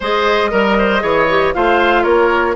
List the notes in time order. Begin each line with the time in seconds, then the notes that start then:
0.00 G#3 G#4 C5 D#5
0.51 G3 A#4
0.78 C5
0.99 E3 G#4 C#5
1.29 G4
1.54 A3 F4 C5 F5
2.03 A#3 A#4 C#5